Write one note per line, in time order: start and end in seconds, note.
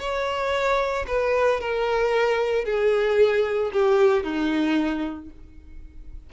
0.00 1.06 C#5
1.08 1.61 B4
1.61 2.65 A#4
2.65 3.71 G#4
3.73 4.24 G4
4.24 5.30 D#4